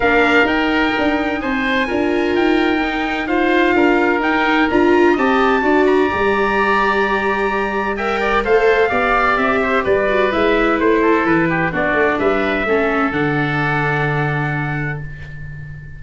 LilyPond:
<<
  \new Staff \with { instrumentName = "trumpet" } { \time 4/4 \tempo 4 = 128 f''4 g''2 gis''4~ | gis''4 g''2 f''4~ | f''4 g''4 ais''4 a''4~ | a''8 ais''2.~ ais''8~ |
ais''4 g''4 f''2 | e''4 d''4 e''4 c''4 | b'4 d''4 e''2 | fis''1 | }
  \new Staff \with { instrumentName = "oboe" } { \time 4/4 ais'2. c''4 | ais'2. c''4 | ais'2. dis''4 | d''1~ |
d''4 e''8 d''8 c''4 d''4~ | d''8 c''8 b'2~ b'8 a'8~ | a'8 g'8 fis'4 b'4 a'4~ | a'1 | }
  \new Staff \with { instrumentName = "viola" } { \time 4/4 d'4 dis'2. | f'2 dis'4 f'4~ | f'4 dis'4 f'4 g'4 | fis'4 g'2.~ |
g'4 ais'4 a'4 g'4~ | g'4. fis'8 e'2~ | e'4 d'2 cis'4 | d'1 | }
  \new Staff \with { instrumentName = "tuba" } { \time 4/4 ais4 dis'4 d'4 c'4 | d'4 dis'2. | d'4 dis'4 d'4 c'4 | d'4 g2.~ |
g2 a4 b4 | c'4 g4 gis4 a4 | e4 b8 a8 g4 a4 | d1 | }
>>